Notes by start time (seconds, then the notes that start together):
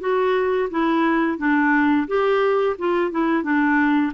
0.00 F#4
0.71 E4
1.38 D4
2.08 G4
2.78 F4
3.11 E4
3.43 D4